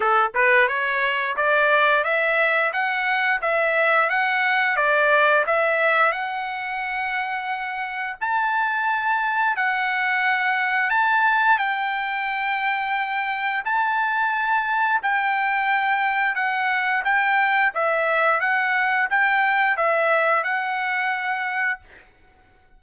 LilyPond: \new Staff \with { instrumentName = "trumpet" } { \time 4/4 \tempo 4 = 88 a'8 b'8 cis''4 d''4 e''4 | fis''4 e''4 fis''4 d''4 | e''4 fis''2. | a''2 fis''2 |
a''4 g''2. | a''2 g''2 | fis''4 g''4 e''4 fis''4 | g''4 e''4 fis''2 | }